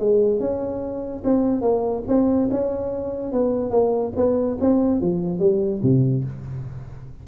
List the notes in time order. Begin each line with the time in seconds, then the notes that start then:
0.00 G#3
0.40 C#4
1.25 C4
1.62 A#3
2.08 C4
2.51 C#4
3.33 B3
3.71 A#3
4.17 B3
4.61 C4
5.02 F3
5.40 G3
5.83 C3